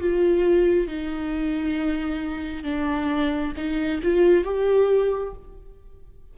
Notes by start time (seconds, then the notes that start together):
0.00 F4
0.87 D#4
2.63 D4
3.56 D#4
4.03 F4
4.44 G4